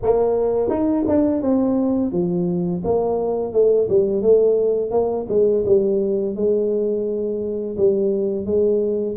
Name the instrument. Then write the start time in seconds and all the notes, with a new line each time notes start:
tuba
0.02 A#3
0.69 D#4
1.07 D4
1.41 C4
2.12 F3
2.84 A#3
3.53 A3
3.89 G3
4.22 A3
4.91 A#3
5.28 G#3
5.65 G3
6.35 G#3
7.77 G3
8.45 G#3